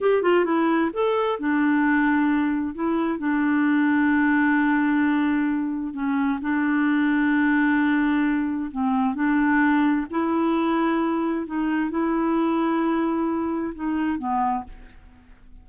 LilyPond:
\new Staff \with { instrumentName = "clarinet" } { \time 4/4 \tempo 4 = 131 g'8 f'8 e'4 a'4 d'4~ | d'2 e'4 d'4~ | d'1~ | d'4 cis'4 d'2~ |
d'2. c'4 | d'2 e'2~ | e'4 dis'4 e'2~ | e'2 dis'4 b4 | }